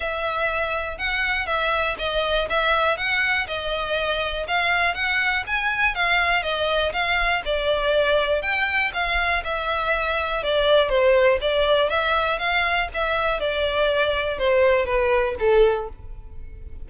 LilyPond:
\new Staff \with { instrumentName = "violin" } { \time 4/4 \tempo 4 = 121 e''2 fis''4 e''4 | dis''4 e''4 fis''4 dis''4~ | dis''4 f''4 fis''4 gis''4 | f''4 dis''4 f''4 d''4~ |
d''4 g''4 f''4 e''4~ | e''4 d''4 c''4 d''4 | e''4 f''4 e''4 d''4~ | d''4 c''4 b'4 a'4 | }